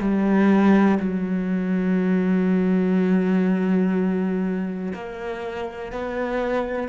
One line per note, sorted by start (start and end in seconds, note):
0.00 0.98 G3
0.99 4.93 F#3
4.94 5.92 A#3
5.92 6.89 B3